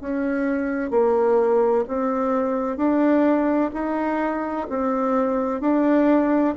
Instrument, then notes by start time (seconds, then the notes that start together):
bassoon
0.00 C#4
0.90 A#3
1.87 C4
2.77 D4
3.73 D#4
4.70 C4
5.60 D4